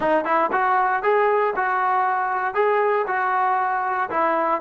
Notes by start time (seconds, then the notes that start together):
0.00 D#4
0.24 E4
0.52 F#4
1.02 G#4
1.55 F#4
2.54 G#4
3.07 F#4
4.10 E4